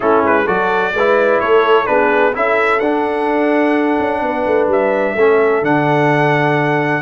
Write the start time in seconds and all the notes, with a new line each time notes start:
0.00 A3 C#4 E4 A4
0.22 G#3 B4
0.44 F#3 F#4 A4 D5
0.93 G#3 E4 B4
1.40 A3 A4 C#5
1.85 B3 D4 G#4 B4
2.33 C#4 E4 A4 E5
2.79 D4 F#5
3.99 C#4
4.21 B3 B4
4.46 A3
4.67 G3 E5
5.15 A3 C#4 A4
5.62 D3 D4 F#5